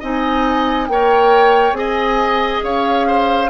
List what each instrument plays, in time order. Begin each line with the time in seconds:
0.00 bassoon C4, clarinet D#4, oboe D#5, flute G#5
0.88 bassoon A#3, clarinet A#4, oboe C#5, flute G5
1.72 bassoon C4, clarinet G#4, oboe D#5, flute G#5
2.63 bassoon C#4, oboe C#5, flute F5
3.07 oboe C5